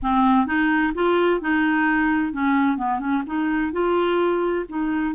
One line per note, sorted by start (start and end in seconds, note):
0.02 0.46 C4
0.46 0.92 D#4
0.94 1.40 F4
1.40 2.33 D#4
2.33 2.77 C#4
2.77 2.99 B3
2.99 3.22 C#4
3.26 3.72 D#4
3.72 4.65 F4
4.68 5.14 D#4